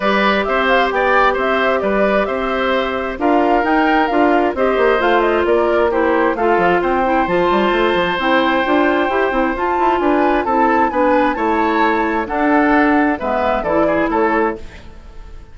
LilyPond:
<<
  \new Staff \with { instrumentName = "flute" } { \time 4/4 \tempo 4 = 132 d''4 e''8 f''8 g''4 e''4 | d''4 e''2 f''4 | g''4 f''4 dis''4 f''8 dis''8 | d''4 c''4 f''4 g''4 |
a''2 g''2~ | g''4 a''4 gis''4 a''4 | gis''4 a''2 fis''4~ | fis''4 e''4 d''4 cis''4 | }
  \new Staff \with { instrumentName = "oboe" } { \time 4/4 b'4 c''4 d''4 c''4 | b'4 c''2 ais'4~ | ais'2 c''2 | ais'4 g'4 a'4 c''4~ |
c''1~ | c''2 b'4 a'4 | b'4 cis''2 a'4~ | a'4 b'4 a'8 gis'8 a'4 | }
  \new Staff \with { instrumentName = "clarinet" } { \time 4/4 g'1~ | g'2. f'4 | dis'4 f'4 g'4 f'4~ | f'4 e'4 f'4. e'8 |
f'2 e'4 f'4 | g'8 e'8 f'2 e'4 | d'4 e'2 d'4~ | d'4 b4 e'2 | }
  \new Staff \with { instrumentName = "bassoon" } { \time 4/4 g4 c'4 b4 c'4 | g4 c'2 d'4 | dis'4 d'4 c'8 ais8 a4 | ais2 a8 f8 c'4 |
f8 g8 a8 f8 c'4 d'4 | e'8 c'8 f'8 e'8 d'4 c'4 | b4 a2 d'4~ | d'4 gis4 e4 a4 | }
>>